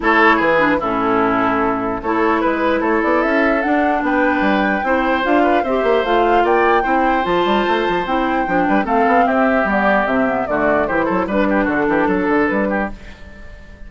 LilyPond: <<
  \new Staff \with { instrumentName = "flute" } { \time 4/4 \tempo 4 = 149 cis''4 b'4 a'2~ | a'4 cis''4 b'4 cis''8 d''8 | e''4 fis''4 g''2~ | g''4 f''4 e''4 f''4 |
g''2 a''2 | g''2 f''4 e''4 | d''4 e''4 d''4 c''4 | b'4 a'2 b'4 | }
  \new Staff \with { instrumentName = "oboe" } { \time 4/4 a'4 gis'4 e'2~ | e'4 a'4 b'4 a'4~ | a'2 b'2 | c''4. b'8 c''2 |
d''4 c''2.~ | c''4. b'8 a'4 g'4~ | g'2 fis'4 g'8 a'8 | b'8 g'8 fis'8 g'8 a'4. g'8 | }
  \new Staff \with { instrumentName = "clarinet" } { \time 4/4 e'4. d'8 cis'2~ | cis'4 e'2.~ | e'4 d'2. | e'4 f'4 g'4 f'4~ |
f'4 e'4 f'2 | e'4 d'4 c'2 | b4 c'8 b8 a4 e'4 | d'1 | }
  \new Staff \with { instrumentName = "bassoon" } { \time 4/4 a4 e4 a,2~ | a,4 a4 gis4 a8 b8 | cis'4 d'4 b4 g4 | c'4 d'4 c'8 ais8 a4 |
ais4 c'4 f8 g8 a8 f8 | c'4 f8 g8 a8 b8 c'4 | g4 c4 d4 e8 fis8 | g4 d8 e8 fis8 d8 g4 | }
>>